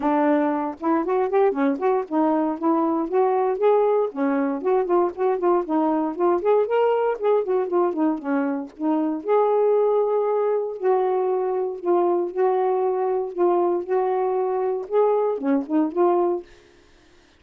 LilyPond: \new Staff \with { instrumentName = "saxophone" } { \time 4/4 \tempo 4 = 117 d'4. e'8 fis'8 g'8 cis'8 fis'8 | dis'4 e'4 fis'4 gis'4 | cis'4 fis'8 f'8 fis'8 f'8 dis'4 | f'8 gis'8 ais'4 gis'8 fis'8 f'8 dis'8 |
cis'4 dis'4 gis'2~ | gis'4 fis'2 f'4 | fis'2 f'4 fis'4~ | fis'4 gis'4 cis'8 dis'8 f'4 | }